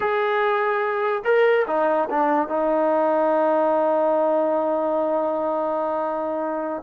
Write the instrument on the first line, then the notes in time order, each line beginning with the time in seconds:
trombone
0.00 G#4
1.24 A#4
1.67 D#4
2.10 D4
2.48 D#4